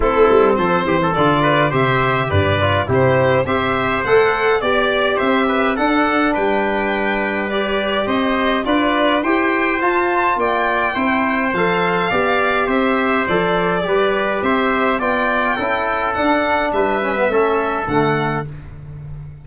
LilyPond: <<
  \new Staff \with { instrumentName = "violin" } { \time 4/4 \tempo 4 = 104 a'4 c''4 d''4 e''4 | d''4 c''4 e''4 fis''4 | d''4 e''4 fis''4 g''4~ | g''4 d''4 dis''4 d''4 |
g''4 a''4 g''2 | f''2 e''4 d''4~ | d''4 e''4 g''2 | fis''4 e''2 fis''4 | }
  \new Staff \with { instrumentName = "trumpet" } { \time 4/4 e'4 a'8 g'16 a'8. b'8 c''4 | b'4 g'4 c''2 | d''4 c''8 b'8 a'4 b'4~ | b'2 c''4 b'4 |
c''2 d''4 c''4~ | c''4 d''4 c''2 | b'4 c''4 d''4 a'4~ | a'4 b'4 a'2 | }
  \new Staff \with { instrumentName = "trombone" } { \time 4/4 c'2 f'4 g'4~ | g'8 f'8 e'4 g'4 a'4 | g'2 d'2~ | d'4 g'2 f'4 |
g'4 f'2 e'4 | a'4 g'2 a'4 | g'2 f'4 e'4 | d'4. cis'16 b16 cis'4 a4 | }
  \new Staff \with { instrumentName = "tuba" } { \time 4/4 a8 g8 f8 e8 d4 c4 | g,4 c4 c'4 a4 | b4 c'4 d'4 g4~ | g2 c'4 d'4 |
e'4 f'4 ais4 c'4 | f4 b4 c'4 f4 | g4 c'4 b4 cis'4 | d'4 g4 a4 d4 | }
>>